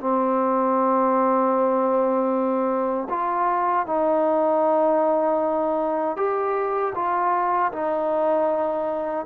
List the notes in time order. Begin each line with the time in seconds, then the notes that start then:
0.00 C4
3.09 F4
3.86 D#4
6.17 G4
6.95 F4
7.72 D#4